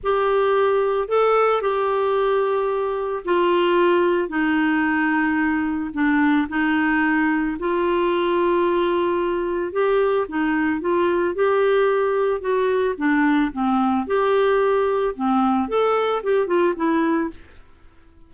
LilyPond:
\new Staff \with { instrumentName = "clarinet" } { \time 4/4 \tempo 4 = 111 g'2 a'4 g'4~ | g'2 f'2 | dis'2. d'4 | dis'2 f'2~ |
f'2 g'4 dis'4 | f'4 g'2 fis'4 | d'4 c'4 g'2 | c'4 a'4 g'8 f'8 e'4 | }